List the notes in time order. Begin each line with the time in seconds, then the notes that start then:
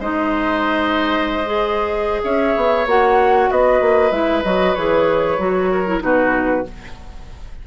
0.00 G#3 D#4 C5 D#5
1.46 G#4
2.24 C#4 C#5 E5
2.57 B3
2.87 A#3 F#4 F#5
3.51 B3 B4 D#5
3.81 A#3
4.12 G#3 E4 E5
4.44 F#3 F#4 D#5
4.75 E3 G#4 C#5
5.38 F#3 F#4
5.72 A#4
5.87 E4
6.00 B2 D#4 F#4 B4